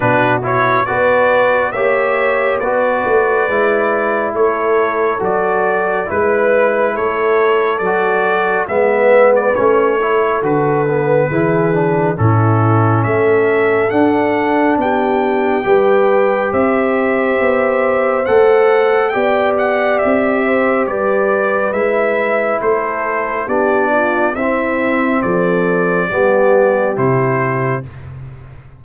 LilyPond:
<<
  \new Staff \with { instrumentName = "trumpet" } { \time 4/4 \tempo 4 = 69 b'8 cis''8 d''4 e''4 d''4~ | d''4 cis''4 d''4 b'4 | cis''4 d''4 e''8. d''16 cis''4 | b'2 a'4 e''4 |
fis''4 g''2 e''4~ | e''4 fis''4 g''8 fis''8 e''4 | d''4 e''4 c''4 d''4 | e''4 d''2 c''4 | }
  \new Staff \with { instrumentName = "horn" } { \time 4/4 fis'4 b'4 cis''4 b'4~ | b'4 a'2 b'4 | a'2 b'4. a'8~ | a'4 gis'4 e'4 a'4~ |
a'4 g'4 b'4 c''4~ | c''2 d''4. c''8 | b'2 a'4 g'8 f'8 | e'4 a'4 g'2 | }
  \new Staff \with { instrumentName = "trombone" } { \time 4/4 d'8 e'8 fis'4 g'4 fis'4 | e'2 fis'4 e'4~ | e'4 fis'4 b4 cis'8 e'8 | fis'8 b8 e'8 d'8 cis'2 |
d'2 g'2~ | g'4 a'4 g'2~ | g'4 e'2 d'4 | c'2 b4 e'4 | }
  \new Staff \with { instrumentName = "tuba" } { \time 4/4 b,4 b4 ais4 b8 a8 | gis4 a4 fis4 gis4 | a4 fis4 gis4 a4 | d4 e4 a,4 a4 |
d'4 b4 g4 c'4 | b4 a4 b4 c'4 | g4 gis4 a4 b4 | c'4 f4 g4 c4 | }
>>